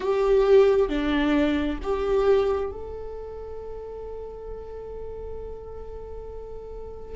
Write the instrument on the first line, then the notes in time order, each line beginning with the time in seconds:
viola
0.00 G4
0.89 D4
1.82 G4
2.71 A4